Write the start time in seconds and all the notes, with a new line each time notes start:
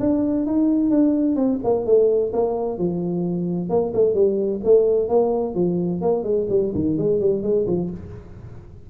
0.00 D4
0.46 D#4
0.90 D4
1.36 C4
1.64 A#3
1.86 A3
2.33 A#3
2.78 F3
3.70 A#3
3.94 A3
4.14 G3
4.64 A3
5.09 A#3
5.55 F3
6.02 A#3
6.24 G#3
6.50 G3
6.75 D#3
6.98 G#3
7.21 G3
7.43 G#3
7.67 F3